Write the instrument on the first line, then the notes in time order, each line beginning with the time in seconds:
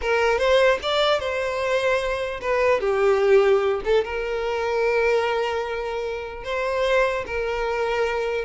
violin
0.01 A#4
0.38 C5
0.82 D5
1.19 C5
2.41 B4
2.80 G4
3.84 A4
4.04 A#4
6.44 C5
7.26 A#4